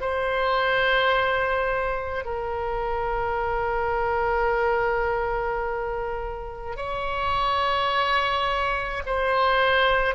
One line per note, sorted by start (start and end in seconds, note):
0.00 2.24 C5
2.24 6.76 A#4
6.76 9.03 C#5
9.06 10.14 C5